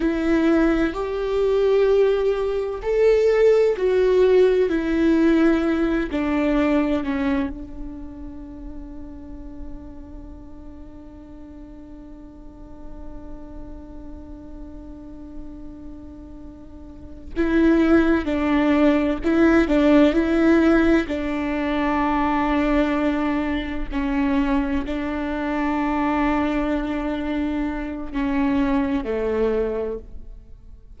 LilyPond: \new Staff \with { instrumentName = "viola" } { \time 4/4 \tempo 4 = 64 e'4 g'2 a'4 | fis'4 e'4. d'4 cis'8 | d'1~ | d'1~ |
d'2~ d'8 e'4 d'8~ | d'8 e'8 d'8 e'4 d'4.~ | d'4. cis'4 d'4.~ | d'2 cis'4 a4 | }